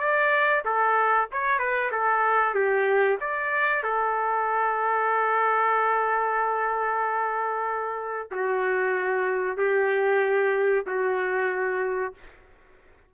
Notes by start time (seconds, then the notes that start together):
0.00 D5
0.65 A4
1.32 C#5
1.59 B4
1.92 A4
2.55 G4
3.21 D5
3.84 A4
8.32 F#4
9.58 G4
10.87 F#4